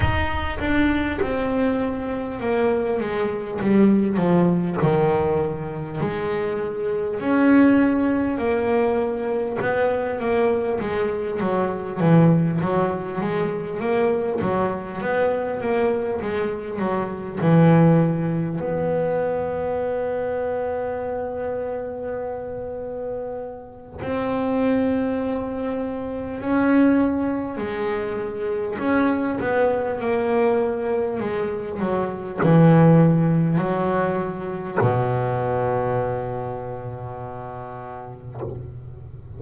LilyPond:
\new Staff \with { instrumentName = "double bass" } { \time 4/4 \tempo 4 = 50 dis'8 d'8 c'4 ais8 gis8 g8 f8 | dis4 gis4 cis'4 ais4 | b8 ais8 gis8 fis8 e8 fis8 gis8 ais8 | fis8 b8 ais8 gis8 fis8 e4 b8~ |
b1 | c'2 cis'4 gis4 | cis'8 b8 ais4 gis8 fis8 e4 | fis4 b,2. | }